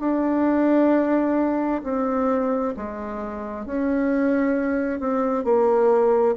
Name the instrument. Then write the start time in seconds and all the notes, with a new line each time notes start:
bassoon
0.00 D4
1.83 C4
2.76 G#3
3.66 C#4
5.00 C4
5.44 A#3